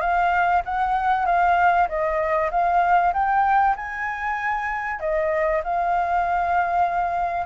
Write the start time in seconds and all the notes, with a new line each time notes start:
0.00 F5
0.65 F#5
1.25 F5
1.88 D#5
2.51 F5
3.13 G5
3.76 G#5
5.00 D#5
5.63 F5